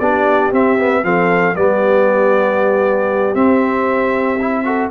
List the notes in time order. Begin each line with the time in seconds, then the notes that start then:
0.00 B3 D4 G4 D5
0.52 C4 E5
0.79 B3
1.03 F3 C4 A4 F5
1.56 G3 B3 G4 D5
3.35 C4 E5
4.41 E4
4.65 F#4 A4